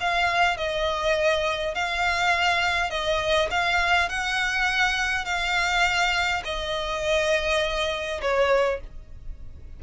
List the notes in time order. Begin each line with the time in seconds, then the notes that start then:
0.00 F5
0.57 D#5
1.74 F5
2.90 D#5
3.50 F5
4.09 F#5
5.25 F5
6.44 D#5
8.21 C#5